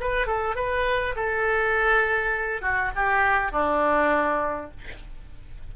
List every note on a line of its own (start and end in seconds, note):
0.00 0.27 B4
0.27 0.55 A4
0.55 1.15 B4
1.16 2.61 A4
2.61 2.91 F#4
2.95 3.52 G4
3.52 4.70 D4